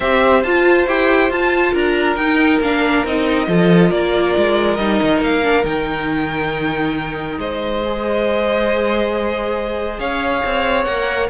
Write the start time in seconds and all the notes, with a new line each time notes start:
0.00 C4 G4 C5 E5
0.43 F4 A5
0.87 E4 G4 G5
1.30 F4 A5
1.73 D4 A#4 A#5
2.15 D#4 G5
2.60 A#3 D4 F5
3.04 C4 D#4 D#5
3.47 F3 F4 A4
3.90 A#3 A#4 D5
4.36 G#3
4.75 G3 D#4 D#5
5.02 D#3
5.20 A#3 F5
5.42 D4
5.63 D#3 D#4 G5
7.38 G#3 C5 D#5
7.84 G#4
9.99 C#4 C#5 F5
10.45 C4
10.84 A#3 A#4 F#5